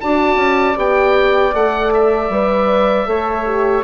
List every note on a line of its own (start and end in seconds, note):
0.00 0.35 D4
0.00 0.76 F#4
0.00 3.08 D5
0.00 0.77 A5
0.35 0.74 C#4
0.76 1.53 B3
0.76 1.53 G4
0.76 1.54 G5
1.54 2.29 A3
1.54 2.31 A4
1.54 1.93 F#5
1.93 3.84 E5
2.29 3.06 G3
2.29 3.06 B4
3.06 3.84 A3
3.06 3.44 A4
3.06 3.84 C#5
3.45 3.84 G4